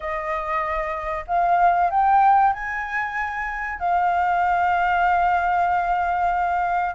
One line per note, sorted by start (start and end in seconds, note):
0.00 1.25 D#5
1.27 1.90 F5
1.90 2.53 G5
2.53 3.79 G#5
3.79 6.94 F5